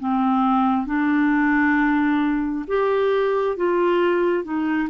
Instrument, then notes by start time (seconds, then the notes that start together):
clarinet
0.00 C4
0.86 D4
2.67 G4
3.57 F4
4.44 D#4